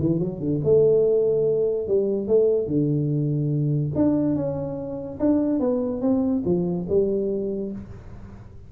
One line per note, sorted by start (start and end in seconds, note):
0.00 0.20 E3
0.20 0.40 F#3
0.40 0.61 D3
0.65 1.88 A3
1.88 2.28 G3
2.28 2.68 A3
2.68 3.93 D3
3.96 4.36 D4
4.36 5.19 C#4
5.20 5.60 D4
5.60 6.02 B3
6.02 6.43 C4
6.46 6.87 F3
6.89 7.73 G3